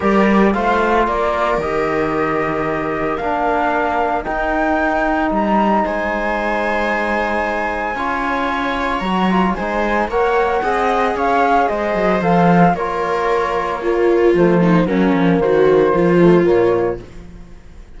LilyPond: <<
  \new Staff \with { instrumentName = "flute" } { \time 4/4 \tempo 4 = 113 d''4 f''4 d''4 dis''4~ | dis''2 f''2 | g''2 ais''4 gis''4~ | gis''1~ |
gis''4 ais''4 gis''4 fis''4~ | fis''4 f''4 dis''4 f''4 | cis''2. c''4 | ais'4 c''2 cis''4 | }
  \new Staff \with { instrumentName = "viola" } { \time 4/4 ais'4 c''4 ais'2~ | ais'1~ | ais'2. c''4~ | c''2. cis''4~ |
cis''2 c''4 cis''4 | dis''4 cis''4 c''2 | ais'2 f'4. dis'8 | cis'4 fis'4 f'2 | }
  \new Staff \with { instrumentName = "trombone" } { \time 4/4 g'4 f'2 g'4~ | g'2 d'2 | dis'1~ | dis'2. f'4~ |
f'4 fis'8 f'8 dis'4 ais'4 | gis'2. a'4 | f'2 ais4 a4 | ais2~ ais8 a8 ais4 | }
  \new Staff \with { instrumentName = "cello" } { \time 4/4 g4 a4 ais4 dis4~ | dis2 ais2 | dis'2 g4 gis4~ | gis2. cis'4~ |
cis'4 fis4 gis4 ais4 | c'4 cis'4 gis8 fis8 f4 | ais2. f4 | fis8 f8 dis4 f4 ais,4 | }
>>